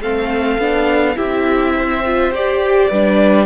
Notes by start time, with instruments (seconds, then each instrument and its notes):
0.00 cello A3, viola C4, violin A4 F5
0.58 cello B3, viola D4
1.15 cello C4, viola E4, violin G4 E5
1.75 violin C5
2.05 viola F4
2.30 cello G4, viola G4, violin D5
2.89 cello G3, viola D4, violin B4